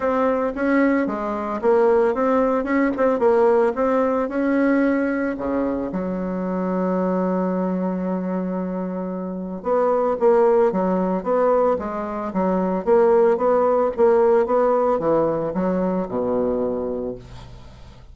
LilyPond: \new Staff \with { instrumentName = "bassoon" } { \time 4/4 \tempo 4 = 112 c'4 cis'4 gis4 ais4 | c'4 cis'8 c'8 ais4 c'4 | cis'2 cis4 fis4~ | fis1~ |
fis2 b4 ais4 | fis4 b4 gis4 fis4 | ais4 b4 ais4 b4 | e4 fis4 b,2 | }